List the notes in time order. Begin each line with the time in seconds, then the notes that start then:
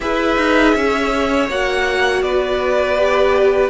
0.00 E4 G#4 B4 E5
0.37 D#4
0.74 C#4 C#5
1.48 A#3 F#4 F#5
2.22 B3 B4 D5
2.97 G4